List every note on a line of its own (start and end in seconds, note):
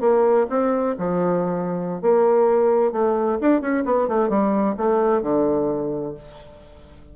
0.00 0.46 A#3
0.49 0.95 C4
0.98 2.01 F3
2.01 2.92 A#3
2.92 3.38 A3
3.41 3.61 D4
3.61 3.84 C#4
3.85 4.08 B3
4.08 4.29 A3
4.29 4.75 G3
4.77 5.22 A3
5.22 6.14 D3